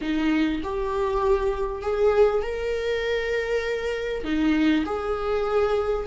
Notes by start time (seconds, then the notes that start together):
0.01 D#4
0.63 G4
1.82 G#4
2.42 A#4
4.23 D#4
4.85 G#4